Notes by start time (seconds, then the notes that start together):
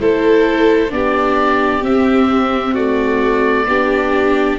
0.00 A3 E4 A4 C5
0.89 B3 D4 G4 D5
1.82 C4 E5
2.73 A3 F#4 D5
3.65 B3 D4 G4